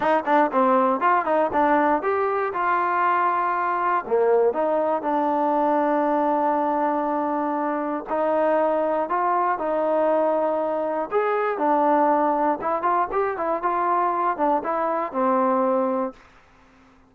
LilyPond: \new Staff \with { instrumentName = "trombone" } { \time 4/4 \tempo 4 = 119 dis'8 d'8 c'4 f'8 dis'8 d'4 | g'4 f'2. | ais4 dis'4 d'2~ | d'1 |
dis'2 f'4 dis'4~ | dis'2 gis'4 d'4~ | d'4 e'8 f'8 g'8 e'8 f'4~ | f'8 d'8 e'4 c'2 | }